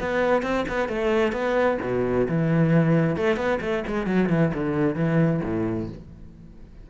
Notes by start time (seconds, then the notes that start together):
0.00 B3
0.42 C4
0.68 B3
0.88 A3
1.32 B3
1.82 B2
2.28 E3
3.17 A3
3.36 B3
3.61 A3
3.87 G#3
4.06 F#3
4.29 E3
4.54 D3
4.95 E3
5.43 A2